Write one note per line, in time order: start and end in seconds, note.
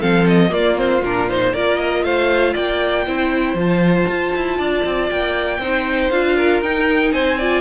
0.00 0.52 F3
0.00 0.49 C4
0.00 0.51 A4
0.00 0.27 F5
0.28 0.53 D#5
0.49 0.75 A#3
0.49 1.02 A#3
0.49 1.53 F4
0.49 0.78 D5
0.76 1.02 C4
0.76 1.03 C5
1.02 1.53 A#2
1.02 1.29 D4
1.02 1.30 A#4
1.29 1.55 D#4
1.29 1.54 C5
1.53 2.03 A#3
1.53 3.07 F4
1.53 2.03 A#4
1.53 1.79 D5
1.79 2.04 D#5
2.03 2.54 A3
2.03 2.54 C5
2.03 2.55 F5
2.54 3.07 A#3
2.54 3.05 D5
2.54 3.58 G5
3.07 3.54 C4
3.07 3.57 E4
3.07 4.58 C5
3.54 4.05 F3
3.54 5.61 F4
3.54 5.10 A5
4.09 4.34 F4
4.36 4.59 E4
4.58 4.85 D4
4.58 5.60 D5
4.85 5.10 C4
5.10 5.59 A#3
5.10 6.10 G5
5.59 6.10 C4
5.59 6.12 D#4
5.59 6.36 C5
6.10 6.62 D4
6.10 6.63 F4
6.10 6.61 F5
6.36 7.13 A#4
6.62 7.12 D#4
6.62 7.40 D#4
6.62 7.12 G5
7.12 7.61 C4
7.12 7.38 C5
7.12 7.61 G#5
7.38 7.61 F4
7.38 7.61 D5